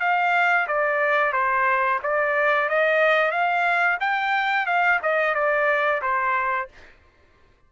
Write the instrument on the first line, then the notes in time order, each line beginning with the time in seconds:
trumpet
0.00 F5
0.67 D5
1.32 C5
2.03 D5
2.68 D#5
3.31 F5
4.00 G5
4.66 F5
5.02 D#5
5.34 D5
6.02 C5